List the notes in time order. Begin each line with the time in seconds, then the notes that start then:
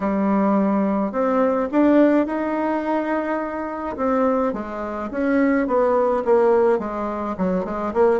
0.00 G3
1.12 C4
1.71 D4
2.26 D#4
3.96 C4
4.53 G#3
5.10 C#4
5.67 B3
6.24 A#3
6.78 G#3
7.37 F#3
7.64 G#3
7.93 A#3